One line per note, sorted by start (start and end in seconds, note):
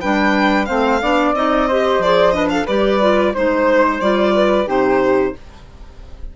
0.00 0.69 G3
0.00 0.67 D4
0.00 0.67 B4
0.00 0.65 G5
0.65 1.01 A3
0.65 1.00 C4
0.65 1.01 C5
0.65 1.32 F5
1.01 1.33 B3
1.01 1.35 D4
1.01 1.67 D5
1.33 1.98 C4
1.33 1.68 D#4
1.33 2.02 D#5
1.67 2.03 G4
1.67 2.34 C5
1.98 2.65 F3
1.98 2.32 G#4
1.98 2.31 D5
2.31 2.65 D4
2.31 2.51 B4
2.31 2.47 D#5
2.49 2.65 A4
2.49 2.66 F5
2.65 3.34 G3
2.65 3.01 G4
2.65 3.32 B4
2.65 3.34 D5
3.01 3.34 F4
3.34 4.00 G#3
3.34 4.01 D#4
3.34 4.34 C5
3.34 4.00 C5
4.00 4.66 G3
4.00 4.66 F4
4.00 4.67 D5
4.34 4.67 B4
4.66 5.33 C3
4.66 5.33 D#4
4.66 5.34 G4
4.66 5.36 C5